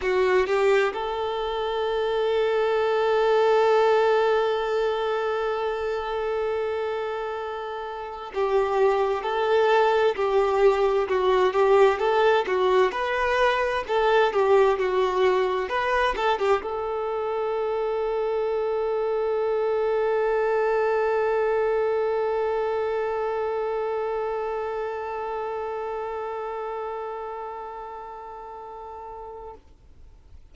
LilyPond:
\new Staff \with { instrumentName = "violin" } { \time 4/4 \tempo 4 = 65 fis'8 g'8 a'2.~ | a'1~ | a'4 g'4 a'4 g'4 | fis'8 g'8 a'8 fis'8 b'4 a'8 g'8 |
fis'4 b'8 a'16 g'16 a'2~ | a'1~ | a'1~ | a'1 | }